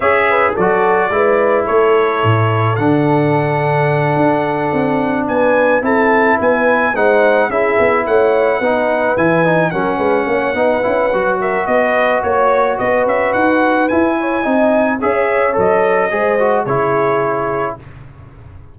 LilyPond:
<<
  \new Staff \with { instrumentName = "trumpet" } { \time 4/4 \tempo 4 = 108 e''4 d''2 cis''4~ | cis''4 fis''2.~ | fis''4. gis''4 a''4 gis''8~ | gis''8 fis''4 e''4 fis''4.~ |
fis''8 gis''4 fis''2~ fis''8~ | fis''8 e''8 dis''4 cis''4 dis''8 e''8 | fis''4 gis''2 e''4 | dis''2 cis''2 | }
  \new Staff \with { instrumentName = "horn" } { \time 4/4 cis''8 b'8 a'4 b'4 a'4~ | a'1~ | a'4. b'4 a'4 b'8~ | b'8 c''4 gis'4 cis''4 b'8~ |
b'4. ais'8 b'8 cis''8 b'4~ | b'8 ais'8 b'4 cis''4 b'4~ | b'4. cis''8 dis''4 cis''4~ | cis''4 c''4 gis'2 | }
  \new Staff \with { instrumentName = "trombone" } { \time 4/4 gis'4 fis'4 e'2~ | e'4 d'2.~ | d'2~ d'8 e'4.~ | e'8 dis'4 e'2 dis'8~ |
dis'8 e'8 dis'8 cis'4. dis'8 e'8 | fis'1~ | fis'4 e'4 dis'4 gis'4 | a'4 gis'8 fis'8 e'2 | }
  \new Staff \with { instrumentName = "tuba" } { \time 4/4 cis'4 fis4 gis4 a4 | a,4 d2~ d8 d'8~ | d'8 c'4 b4 c'4 b8~ | b8 gis4 cis'8 b8 a4 b8~ |
b8 e4 fis8 gis8 ais8 b8 cis'8 | fis4 b4 ais4 b8 cis'8 | dis'4 e'4 c'4 cis'4 | fis4 gis4 cis2 | }
>>